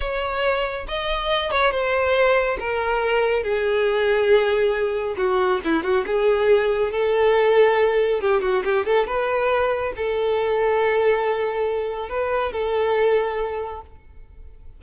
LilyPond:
\new Staff \with { instrumentName = "violin" } { \time 4/4 \tempo 4 = 139 cis''2 dis''4. cis''8 | c''2 ais'2 | gis'1 | fis'4 e'8 fis'8 gis'2 |
a'2. g'8 fis'8 | g'8 a'8 b'2 a'4~ | a'1 | b'4 a'2. | }